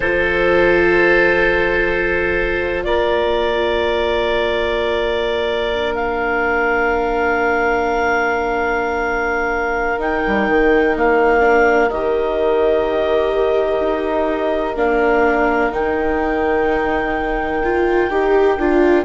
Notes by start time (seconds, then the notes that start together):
0.00 F3 F4 A4 C5
2.84 A#3 A#4 D5
5.73 D4
5.94 F5
9.98 D#4 G5
10.27 G3
10.48 D#3
10.95 A#3 F5
11.39 D4
11.89 D#3 G4 D#5
13.79 D#4
14.75 A#3 D4 F5
15.71 D#3 D#4 G5
17.63 F4
18.09 D#4 G4
18.57 D4 F4